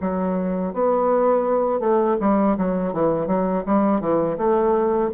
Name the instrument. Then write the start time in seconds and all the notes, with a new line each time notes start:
bassoon
0.00 F#3
0.73 B3
1.80 A3
2.20 G3
2.57 F#3
2.93 E3
3.27 F#3
3.66 G3
4.00 E3
4.37 A3